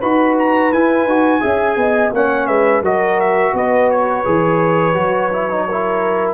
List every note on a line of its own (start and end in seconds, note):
0.00 0.72 D#4
0.00 0.72 F#4
0.00 1.41 B4
0.00 0.36 B5
0.39 0.72 A#5
0.72 1.05 E4
0.72 1.09 E4
0.72 2.13 G#5
1.05 1.40 D#4
1.05 1.40 F#4
1.40 1.76 C#4
1.40 2.11 G#4
1.40 1.77 E5
1.76 2.11 B3
1.76 2.14 D#5
2.13 2.47 A#3
2.13 2.84 C#4
2.13 2.47 C#5
2.13 2.47 F#5
2.47 2.81 G#3
2.47 2.83 B4
2.47 2.82 E5
2.81 3.52 F#3
2.81 4.25 F#4
2.81 3.53 A#4
2.81 3.20 D#5
3.20 3.55 E5
3.53 4.24 B3
3.53 5.67 B4
3.53 3.90 D#5
3.90 6.33 C#5
4.25 4.96 E3
4.25 4.94 G#4
4.94 6.33 F#3
4.94 5.29 F#4
5.32 5.50 E4
5.50 5.68 D#4
5.67 6.33 E4
5.67 6.33 A#4